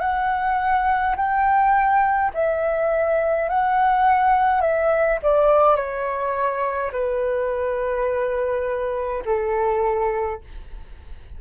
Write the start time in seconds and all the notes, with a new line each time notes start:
0.00 F#5
1.16 G5
2.34 E5
3.49 F#5
4.61 E5
5.22 D5
5.75 C#5
6.92 B4
9.25 A4